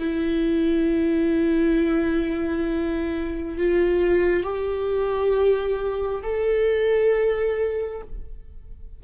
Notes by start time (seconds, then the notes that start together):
0.00 E4
3.58 F4
4.43 G4
6.23 A4